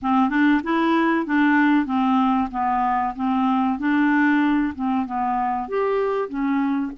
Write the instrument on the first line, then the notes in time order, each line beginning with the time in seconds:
clarinet
0.01 C4
0.29 D4
0.63 E4
1.25 D4
1.85 C4
2.51 B3
3.16 C4
3.78 D4
4.74 C4
5.06 B3
5.68 G4
6.28 C#4